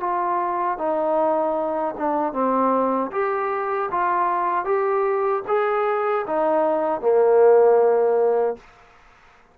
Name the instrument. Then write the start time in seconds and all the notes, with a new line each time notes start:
trombone
0.00 F4
0.78 D#4
1.98 D4
2.33 C4
3.12 G4
3.91 F4
4.65 G4
5.48 G#4
6.27 D#4
7.01 A#3